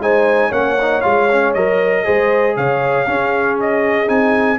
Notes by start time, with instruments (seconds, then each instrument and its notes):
0.00 tuba G#3, trombone D#4, horn C5, trumpet G#5
0.49 tuba A#3, trombone C#4, horn C#5, trumpet F#5
0.81 trombone D#4
1.02 tuba G#3, trombone F4, trumpet F5
1.32 trombone C#4
1.54 tuba F#3, trombone A#4, trumpet D#5
2.05 tuba G#3, trombone G#4, horn C5
2.57 tuba C#3, horn C#5, trumpet F5
3.08 tuba C#4, trombone C#4, horn G#4
3.61 trumpet D#5
4.07 tuba C4, trombone D#4, trumpet G#5